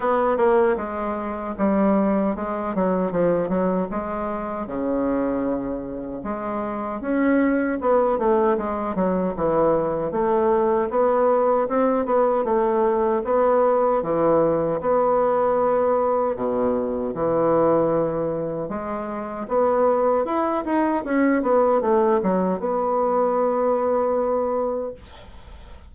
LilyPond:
\new Staff \with { instrumentName = "bassoon" } { \time 4/4 \tempo 4 = 77 b8 ais8 gis4 g4 gis8 fis8 | f8 fis8 gis4 cis2 | gis4 cis'4 b8 a8 gis8 fis8 | e4 a4 b4 c'8 b8 |
a4 b4 e4 b4~ | b4 b,4 e2 | gis4 b4 e'8 dis'8 cis'8 b8 | a8 fis8 b2. | }